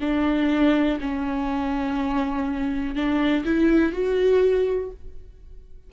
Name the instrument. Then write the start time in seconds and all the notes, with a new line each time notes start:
viola
0.00 D4
1.00 C#4
2.95 D4
3.44 E4
3.93 F#4